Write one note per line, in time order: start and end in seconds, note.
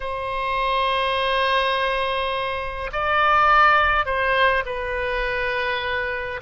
0.00 2.90 C5
2.92 4.05 D5
4.05 4.63 C5
4.65 6.40 B4